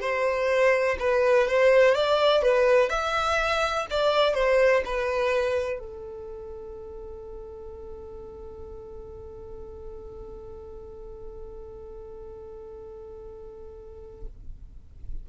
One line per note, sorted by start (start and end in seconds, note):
0.00 0.97 C5
0.99 1.47 B4
1.47 1.94 C5
1.94 2.42 D5
2.42 2.89 B4
2.89 3.86 E5
3.90 4.34 D5
4.34 4.83 C5
4.85 5.79 B4
5.79 14.26 A4